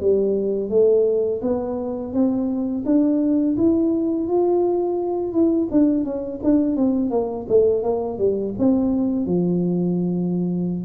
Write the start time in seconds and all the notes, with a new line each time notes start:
0.00 G3
0.69 A3
1.41 B3
2.12 C4
2.85 D4
3.56 E4
4.27 F4
5.32 E4
5.71 D4
6.04 C#4
6.43 D4
6.76 C4
7.10 A#3
7.48 A3
7.82 A#3
8.18 G3
8.58 C4
9.25 F3